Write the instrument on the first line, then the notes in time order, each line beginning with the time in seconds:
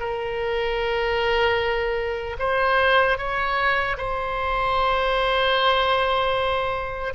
oboe
0.00 A#4
2.39 C5
3.18 C#5
3.98 C5